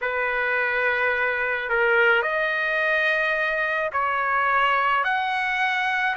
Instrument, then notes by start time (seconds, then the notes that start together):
trumpet
0.01 B4
1.69 A#4
2.22 D#5
3.92 C#5
5.04 F#5